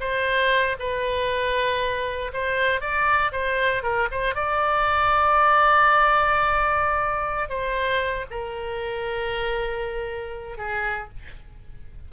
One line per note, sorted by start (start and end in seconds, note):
0.00 0.76 C5
0.79 2.32 B4
2.33 2.81 C5
2.81 3.32 D5
3.32 3.83 C5
3.83 4.08 A#4
4.11 4.35 C5
4.35 7.49 D5
7.49 8.25 C5
8.30 10.58 A#4
10.58 11.08 G#4